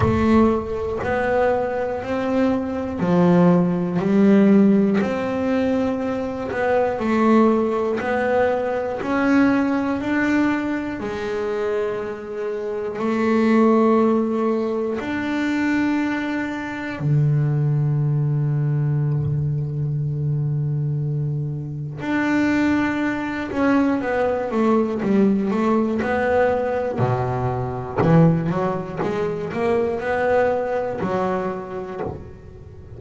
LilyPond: \new Staff \with { instrumentName = "double bass" } { \time 4/4 \tempo 4 = 60 a4 b4 c'4 f4 | g4 c'4. b8 a4 | b4 cis'4 d'4 gis4~ | gis4 a2 d'4~ |
d'4 d2.~ | d2 d'4. cis'8 | b8 a8 g8 a8 b4 b,4 | e8 fis8 gis8 ais8 b4 fis4 | }